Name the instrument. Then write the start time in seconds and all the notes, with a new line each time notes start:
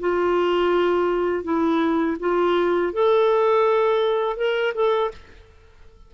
clarinet
0.00 F4
1.44 E4
2.20 F4
2.93 A4
4.37 A#4
4.74 A4